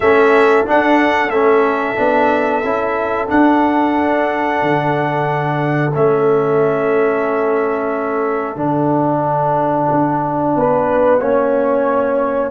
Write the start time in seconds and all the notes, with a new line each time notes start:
0.00 A3 C#4 A4 E5
0.65 D4 F#5
1.28 A3 C#4 E5
1.96 B3 D4
2.63 C#4 E4
3.28 D4 F#5
4.62 D3
5.94 A3 C#4 E5
8.56 D3 D4 F#5
9.90 D4
10.55 B3 B4
11.20 A#3 C#4 C#5